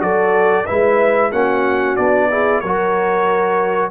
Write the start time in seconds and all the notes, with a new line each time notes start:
0.00 F#3 F#4 A4 D5
0.66 G#3 E4 B4 E5
1.32 A#3 C#4 F#4 F#5
1.97 B3 D4 D5
2.31 E4 G#4
2.61 F#3 F#4 A#4 C#5